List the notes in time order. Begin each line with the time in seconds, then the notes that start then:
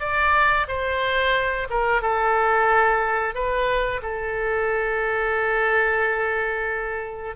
0.00 D5
0.68 C5
1.70 A#4
2.02 A4
3.35 B4
4.02 A4